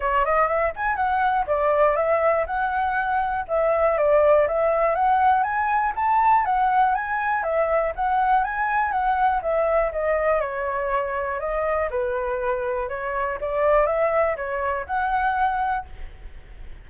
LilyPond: \new Staff \with { instrumentName = "flute" } { \time 4/4 \tempo 4 = 121 cis''8 dis''8 e''8 gis''8 fis''4 d''4 | e''4 fis''2 e''4 | d''4 e''4 fis''4 gis''4 | a''4 fis''4 gis''4 e''4 |
fis''4 gis''4 fis''4 e''4 | dis''4 cis''2 dis''4 | b'2 cis''4 d''4 | e''4 cis''4 fis''2 | }